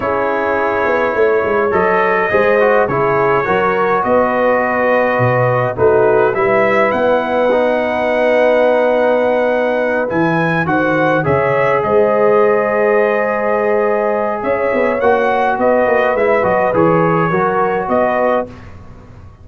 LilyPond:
<<
  \new Staff \with { instrumentName = "trumpet" } { \time 4/4 \tempo 4 = 104 cis''2. dis''4~ | dis''4 cis''2 dis''4~ | dis''2 b'4 e''4 | fis''1~ |
fis''4. gis''4 fis''4 e''8~ | e''8 dis''2.~ dis''8~ | dis''4 e''4 fis''4 dis''4 | e''8 dis''8 cis''2 dis''4 | }
  \new Staff \with { instrumentName = "horn" } { \time 4/4 gis'2 cis''2 | c''4 gis'4 ais'4 b'4~ | b'2 fis'4 b'4~ | b'1~ |
b'2~ b'8 c''4 cis''8~ | cis''8 c''2.~ c''8~ | c''4 cis''2 b'4~ | b'2 ais'4 b'4 | }
  \new Staff \with { instrumentName = "trombone" } { \time 4/4 e'2. a'4 | gis'8 fis'8 e'4 fis'2~ | fis'2 dis'4 e'4~ | e'4 dis'2.~ |
dis'4. e'4 fis'4 gis'8~ | gis'1~ | gis'2 fis'2 | e'8 fis'8 gis'4 fis'2 | }
  \new Staff \with { instrumentName = "tuba" } { \time 4/4 cis'4. b8 a8 gis8 fis4 | gis4 cis4 fis4 b4~ | b4 b,4 a4 g4 | b1~ |
b4. e4 dis4 cis8~ | cis8 gis2.~ gis8~ | gis4 cis'8 b8 ais4 b8 ais8 | gis8 fis8 e4 fis4 b4 | }
>>